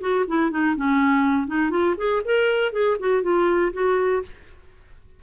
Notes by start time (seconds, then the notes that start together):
0.00 F#4
0.27 E4
0.50 D#4
0.76 C#4
1.47 D#4
1.70 F4
1.97 G#4
2.24 A#4
2.72 G#4
2.99 F#4
3.22 F4
3.72 F#4